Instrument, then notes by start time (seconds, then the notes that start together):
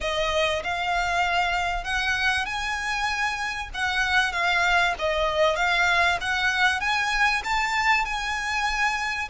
violin
0.00 D#5
0.63 F5
1.84 F#5
2.45 G#5
3.74 F#5
4.32 F5
4.98 D#5
5.56 F5
6.20 F#5
6.80 G#5
7.44 A5
8.05 G#5